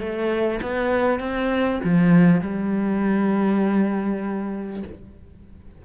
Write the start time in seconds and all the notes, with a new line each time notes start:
0.00 A3
0.63 B3
1.20 C4
1.85 F3
2.41 G3